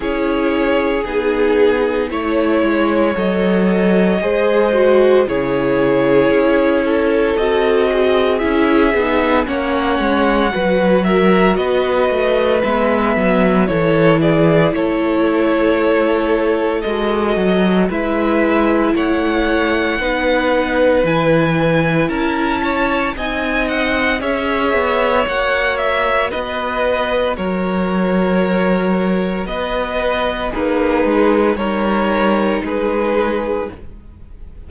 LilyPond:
<<
  \new Staff \with { instrumentName = "violin" } { \time 4/4 \tempo 4 = 57 cis''4 gis'4 cis''4 dis''4~ | dis''4 cis''2 dis''4 | e''4 fis''4. e''8 dis''4 | e''4 cis''8 d''8 cis''2 |
dis''4 e''4 fis''2 | gis''4 a''4 gis''8 fis''8 e''4 | fis''8 e''8 dis''4 cis''2 | dis''4 b'4 cis''4 b'4 | }
  \new Staff \with { instrumentName = "violin" } { \time 4/4 gis'2 cis''2 | c''4 gis'4. a'4 gis'8~ | gis'4 cis''4 b'8 ais'8 b'4~ | b'4 a'8 gis'8 a'2~ |
a'4 b'4 cis''4 b'4~ | b'4 ais'8 cis''8 dis''4 cis''4~ | cis''4 b'4 ais'2 | b'4 dis'4 ais'4 gis'4 | }
  \new Staff \with { instrumentName = "viola" } { \time 4/4 e'4 dis'4 e'4 a'4 | gis'8 fis'8 e'2 fis'4 | e'8 dis'8 cis'4 fis'2 | b4 e'2. |
fis'4 e'2 dis'4 | e'2 dis'4 gis'4 | fis'1~ | fis'4 gis'4 dis'2 | }
  \new Staff \with { instrumentName = "cello" } { \time 4/4 cis'4 b4 a8 gis8 fis4 | gis4 cis4 cis'4 c'4 | cis'8 b8 ais8 gis8 fis4 b8 a8 | gis8 fis8 e4 a2 |
gis8 fis8 gis4 a4 b4 | e4 cis'4 c'4 cis'8 b8 | ais4 b4 fis2 | b4 ais8 gis8 g4 gis4 | }
>>